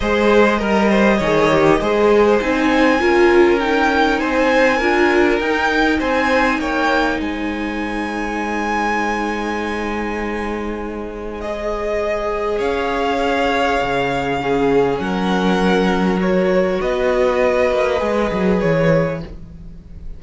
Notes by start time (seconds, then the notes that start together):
0.00 G#3 G#4 C5 D#5
0.58 G3 A#4
0.89 C5
1.17 D#3 G#4 C#5
1.51 G4
1.80 G#3 G#4 C5
2.40 C4 D#4 G#5
2.98 C#4 F4 A#4
3.59 D#4 G5
4.19 C4 C5 G#5
4.77 D4 F4 A#4
5.39 D#4 G5
5.99 C4 C5 G#5
6.59 A#3 C#5 G5
7.20 G#3 C5 G#5
11.40 G#4 D#5
12.58 C#4 C#5 F5
13.81 C#3
14.39 C#4 G#4
14.98 F#3 A#4 F#5
16.17 F#4 C#5
16.81 B3 B4 D#5
17.71 A#3
17.98 G#3 G#4
18.31 F#3
18.60 E3 C#5